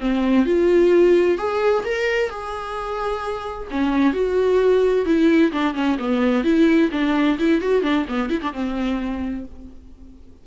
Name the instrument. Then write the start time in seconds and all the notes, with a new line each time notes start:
viola
0.00 C4
0.46 F4
1.38 G#4
1.85 A#4
2.30 G#4
3.71 C#4
4.13 F#4
5.06 E4
5.52 D4
5.74 C#4
5.99 B3
6.44 E4
6.92 D4
7.39 E4
7.61 F#4
7.83 D4
8.08 B3
8.30 E4
8.41 D4
8.53 C4